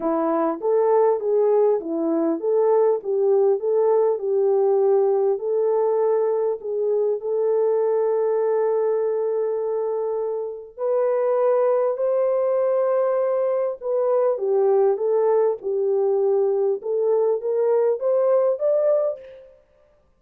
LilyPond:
\new Staff \with { instrumentName = "horn" } { \time 4/4 \tempo 4 = 100 e'4 a'4 gis'4 e'4 | a'4 g'4 a'4 g'4~ | g'4 a'2 gis'4 | a'1~ |
a'2 b'2 | c''2. b'4 | g'4 a'4 g'2 | a'4 ais'4 c''4 d''4 | }